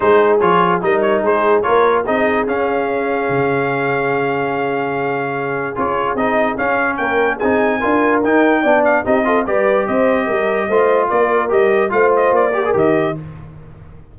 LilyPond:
<<
  \new Staff \with { instrumentName = "trumpet" } { \time 4/4 \tempo 4 = 146 c''4 cis''4 dis''8 cis''8 c''4 | cis''4 dis''4 f''2~ | f''1~ | f''2 cis''4 dis''4 |
f''4 g''4 gis''2 | g''4. f''8 dis''4 d''4 | dis''2. d''4 | dis''4 f''8 dis''8 d''4 dis''4 | }
  \new Staff \with { instrumentName = "horn" } { \time 4/4 gis'2 ais'4 gis'4 | ais'4 gis'2.~ | gis'1~ | gis'1~ |
gis'4 ais'4 gis'4 ais'4~ | ais'4 d''4 g'8 a'8 b'4 | c''4 ais'4 c''4 ais'4~ | ais'4 c''4. ais'4. | }
  \new Staff \with { instrumentName = "trombone" } { \time 4/4 dis'4 f'4 dis'2 | f'4 dis'4 cis'2~ | cis'1~ | cis'2 f'4 dis'4 |
cis'2 dis'4 f'4 | dis'4 d'4 dis'8 f'8 g'4~ | g'2 f'2 | g'4 f'4. g'16 gis'16 g'4 | }
  \new Staff \with { instrumentName = "tuba" } { \time 4/4 gis4 f4 g4 gis4 | ais4 c'4 cis'2 | cis1~ | cis2 cis'4 c'4 |
cis'4 ais4 c'4 d'4 | dis'4 b4 c'4 g4 | c'4 g4 a4 ais4 | g4 a4 ais4 dis4 | }
>>